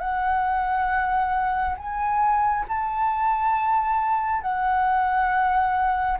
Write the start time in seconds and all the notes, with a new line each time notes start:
0.00 F#5
1.78 G#5
2.68 A5
4.42 F#5